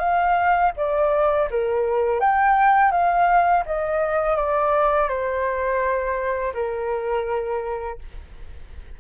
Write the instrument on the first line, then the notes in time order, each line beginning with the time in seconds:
flute
0.00 F5
0.77 D5
1.51 A#4
2.21 G5
2.92 F5
3.66 D#5
4.37 D5
5.09 C5
6.55 A#4